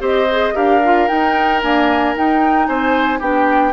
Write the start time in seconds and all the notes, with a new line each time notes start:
0.00 C4 G4 C5 D#5
0.31 G#4
0.54 D4 G4 A#4 F5
0.84 F4
1.08 D#4 G5
1.62 A#3 D4 G#5
2.15 D#4 G5
2.66 C4 C5 G#5
3.19 B3 D4 G4 G5